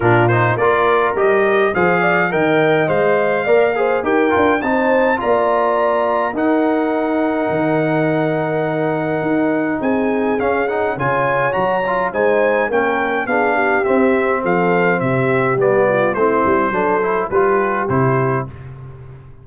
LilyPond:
<<
  \new Staff \with { instrumentName = "trumpet" } { \time 4/4 \tempo 4 = 104 ais'8 c''8 d''4 dis''4 f''4 | g''4 f''2 g''4 | a''4 ais''2 fis''4~ | fis''1~ |
fis''4 gis''4 f''8 fis''8 gis''4 | ais''4 gis''4 g''4 f''4 | e''4 f''4 e''4 d''4 | c''2 b'4 c''4 | }
  \new Staff \with { instrumentName = "horn" } { \time 4/4 f'4 ais'2 c''8 d''8 | dis''2 d''8 c''8 ais'4 | c''4 d''2 ais'4~ | ais'1~ |
ais'4 gis'2 cis''4~ | cis''4 c''4 ais'4 gis'8 g'8~ | g'4 a'4 g'4. f'8 | e'4 a'4 g'2 | }
  \new Staff \with { instrumentName = "trombone" } { \time 4/4 d'8 dis'8 f'4 g'4 gis'4 | ais'4 c''4 ais'8 gis'8 g'8 f'8 | dis'4 f'2 dis'4~ | dis'1~ |
dis'2 cis'8 dis'8 f'4 | fis'8 f'8 dis'4 cis'4 d'4 | c'2. b4 | c'4 d'8 e'8 f'4 e'4 | }
  \new Staff \with { instrumentName = "tuba" } { \time 4/4 ais,4 ais4 g4 f4 | dis4 gis4 ais4 dis'8 d'8 | c'4 ais2 dis'4~ | dis'4 dis2. |
dis'4 c'4 cis'4 cis4 | fis4 gis4 ais4 b4 | c'4 f4 c4 g4 | a8 g8 fis4 g4 c4 | }
>>